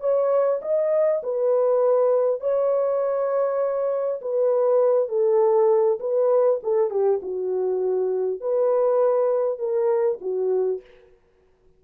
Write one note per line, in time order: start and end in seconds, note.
0.00 0.60 C#5
0.62 1.22 D#5
1.23 2.41 B4
2.41 4.21 C#5
4.21 5.09 B4
5.09 5.99 A4
6.00 6.60 B4
6.63 6.90 A4
6.90 7.20 G4
7.22 8.41 F#4
8.41 9.58 B4
9.58 10.18 A#4
10.21 10.81 F#4